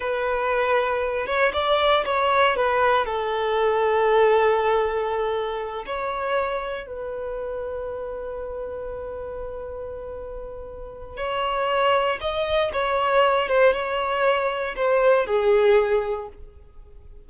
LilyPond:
\new Staff \with { instrumentName = "violin" } { \time 4/4 \tempo 4 = 118 b'2~ b'8 cis''8 d''4 | cis''4 b'4 a'2~ | a'2.~ a'8 cis''8~ | cis''4. b'2~ b'8~ |
b'1~ | b'2 cis''2 | dis''4 cis''4. c''8 cis''4~ | cis''4 c''4 gis'2 | }